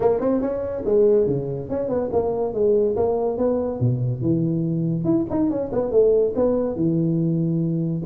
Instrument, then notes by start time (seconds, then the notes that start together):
tuba
0.00 A#3
0.20 C4
0.41 C#4
0.85 G#3
1.26 C#3
1.69 C#4
1.88 B3
2.12 A#3
2.53 G#3
2.96 A#3
3.37 B3
3.80 B2
4.21 E3
5.04 E4
5.29 D#4
5.50 C#4
5.72 B3
5.91 A3
6.35 B3
6.75 E3